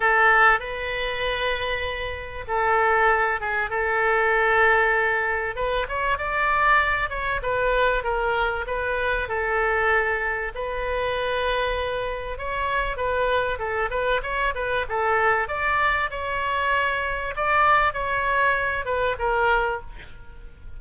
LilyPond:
\new Staff \with { instrumentName = "oboe" } { \time 4/4 \tempo 4 = 97 a'4 b'2. | a'4. gis'8 a'2~ | a'4 b'8 cis''8 d''4. cis''8 | b'4 ais'4 b'4 a'4~ |
a'4 b'2. | cis''4 b'4 a'8 b'8 cis''8 b'8 | a'4 d''4 cis''2 | d''4 cis''4. b'8 ais'4 | }